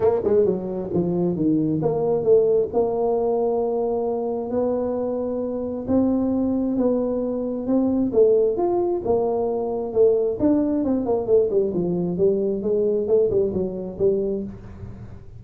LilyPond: \new Staff \with { instrumentName = "tuba" } { \time 4/4 \tempo 4 = 133 ais8 gis8 fis4 f4 dis4 | ais4 a4 ais2~ | ais2 b2~ | b4 c'2 b4~ |
b4 c'4 a4 f'4 | ais2 a4 d'4 | c'8 ais8 a8 g8 f4 g4 | gis4 a8 g8 fis4 g4 | }